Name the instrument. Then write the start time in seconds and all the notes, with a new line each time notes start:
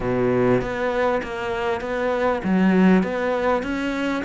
cello
0.00 B2
0.61 B3
1.22 A#3
1.80 B3
2.44 F#3
3.03 B3
3.62 C#4